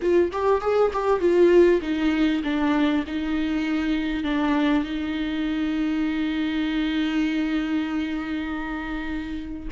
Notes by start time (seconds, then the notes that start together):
0.01 F4
0.32 G4
0.61 G#4
0.93 G4
1.20 F4
1.81 D#4
2.43 D4
3.06 D#4
4.23 D4
4.83 D#4